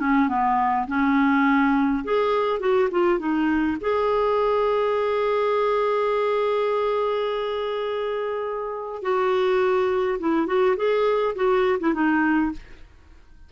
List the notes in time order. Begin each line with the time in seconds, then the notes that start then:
0.00 C#4
0.29 B3
0.87 C#4
2.04 G#4
2.60 F#4
2.91 F4
3.19 D#4
3.81 G#4
9.02 F#4
10.20 E4
10.47 F#4
10.77 G#4
11.35 F#4
11.80 E4
11.94 D#4